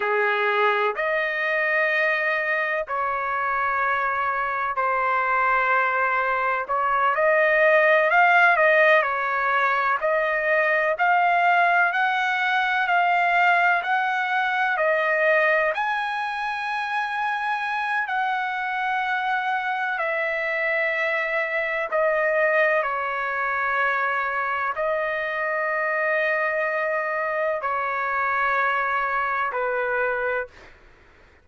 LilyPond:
\new Staff \with { instrumentName = "trumpet" } { \time 4/4 \tempo 4 = 63 gis'4 dis''2 cis''4~ | cis''4 c''2 cis''8 dis''8~ | dis''8 f''8 dis''8 cis''4 dis''4 f''8~ | f''8 fis''4 f''4 fis''4 dis''8~ |
dis''8 gis''2~ gis''8 fis''4~ | fis''4 e''2 dis''4 | cis''2 dis''2~ | dis''4 cis''2 b'4 | }